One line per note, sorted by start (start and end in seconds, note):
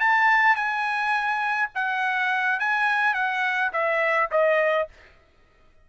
0.00 0.56 A5
0.56 1.70 G#5
1.75 2.60 F#5
2.60 3.14 G#5
3.14 3.71 F#5
3.73 4.30 E5
4.32 4.89 D#5